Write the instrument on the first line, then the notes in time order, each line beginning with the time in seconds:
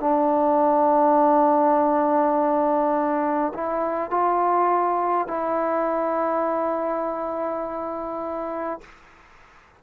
trombone
0.00 D4
3.54 E4
4.11 F4
5.28 E4